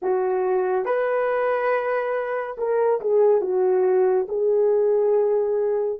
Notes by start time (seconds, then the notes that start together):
0.02 F#4
0.85 B4
2.57 A#4
3.00 G#4
3.41 F#4
4.28 G#4